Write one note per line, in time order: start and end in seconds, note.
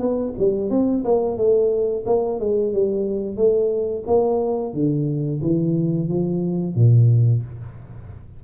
0.00 0.34 B3
0.39 0.70 G3
0.70 1.04 C4
1.05 1.38 A#3
1.38 2.05 A3
2.06 2.40 A#3
2.40 2.73 G#3
2.73 3.36 G3
3.36 4.04 A3
4.07 4.74 A#3
4.74 5.41 D3
5.42 6.09 E3
6.09 6.75 F3
6.75 7.43 A#2